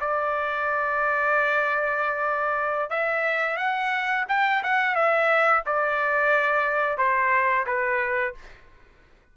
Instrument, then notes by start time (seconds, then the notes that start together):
trumpet
0.00 D5
2.90 E5
3.57 F#5
4.28 G5
4.63 F#5
4.95 E5
5.66 D5
6.97 C5
7.66 B4